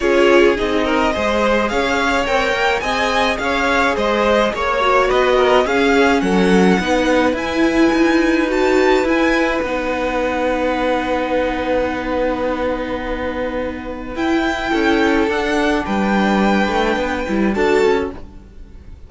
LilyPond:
<<
  \new Staff \with { instrumentName = "violin" } { \time 4/4 \tempo 4 = 106 cis''4 dis''2 f''4 | g''4 gis''4 f''4 dis''4 | cis''4 dis''4 f''4 fis''4~ | fis''4 gis''2 a''4 |
gis''4 fis''2.~ | fis''1~ | fis''4 g''2 fis''4 | g''2. a''4 | }
  \new Staff \with { instrumentName = "violin" } { \time 4/4 gis'4. ais'8 c''4 cis''4~ | cis''4 dis''4 cis''4 c''4 | cis''4 b'8 ais'8 gis'4 a'4 | b'1~ |
b'1~ | b'1~ | b'2 a'2 | b'2. a'4 | }
  \new Staff \with { instrumentName = "viola" } { \time 4/4 f'4 dis'4 gis'2 | ais'4 gis'2.~ | gis'8 fis'4. cis'2 | dis'4 e'2 fis'4 |
e'4 dis'2.~ | dis'1~ | dis'4 e'2 d'4~ | d'2~ d'8 e'8 fis'4 | }
  \new Staff \with { instrumentName = "cello" } { \time 4/4 cis'4 c'4 gis4 cis'4 | c'8 ais8 c'4 cis'4 gis4 | ais4 b4 cis'4 fis4 | b4 e'4 dis'2 |
e'4 b2.~ | b1~ | b4 e'4 cis'4 d'4 | g4. a8 b8 g8 d'8 cis'8 | }
>>